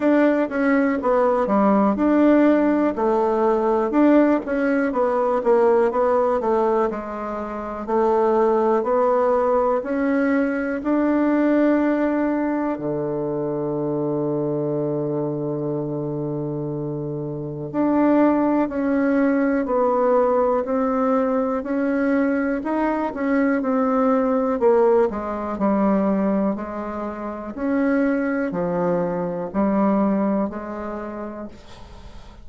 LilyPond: \new Staff \with { instrumentName = "bassoon" } { \time 4/4 \tempo 4 = 61 d'8 cis'8 b8 g8 d'4 a4 | d'8 cis'8 b8 ais8 b8 a8 gis4 | a4 b4 cis'4 d'4~ | d'4 d2.~ |
d2 d'4 cis'4 | b4 c'4 cis'4 dis'8 cis'8 | c'4 ais8 gis8 g4 gis4 | cis'4 f4 g4 gis4 | }